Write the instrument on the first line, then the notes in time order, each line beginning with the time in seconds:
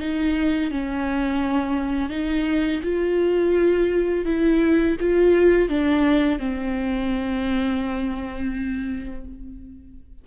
viola
0.00 D#4
0.71 C#4
2.10 D#4
2.83 F4
4.26 E4
5.00 F4
5.69 D4
6.39 C4